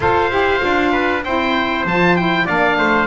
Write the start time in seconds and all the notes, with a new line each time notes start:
0.00 F4 A4 C5 F5
0.30 E4 G4
0.58 D4 F4
0.92 B4
1.23 C4 E4 C5 G5
1.85 F3 F4 A5
2.16 E4 G5
2.45 A#3 D4 D5 F5
2.78 A3 C5